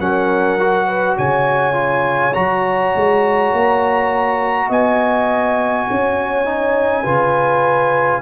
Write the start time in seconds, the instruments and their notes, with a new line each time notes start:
0.00 tuba F#3, trombone C#4, horn A#4, trumpet F#5
0.60 trombone F#4
0.87 horn B4
1.18 tuba C#3, horn C#5, trumpet G#5
1.74 trombone F4
2.34 tuba F#3, trombone F#4, trumpet A#5
2.95 tuba G#3
3.53 tuba A#3
4.68 tuba B3, horn D#5, trumpet G#5
5.89 tuba C#4, horn C#5
6.45 trombone D#4
7.04 tuba C#3, trombone F4, horn B4